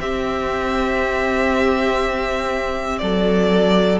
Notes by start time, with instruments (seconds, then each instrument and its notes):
0.00 cello C4, viola C4, violin G4 E5
2.99 cello F#3, violin A4 D5